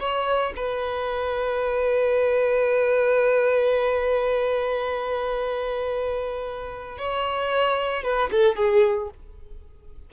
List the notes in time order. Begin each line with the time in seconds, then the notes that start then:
0.00 C#5
0.56 B4
6.98 C#5
8.04 B4
8.32 A4
8.56 G#4